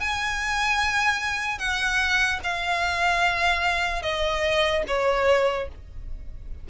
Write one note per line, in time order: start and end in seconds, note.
0.00 1.58 G#5
1.58 2.39 F#5
2.43 4.02 F5
4.02 4.83 D#5
4.87 5.68 C#5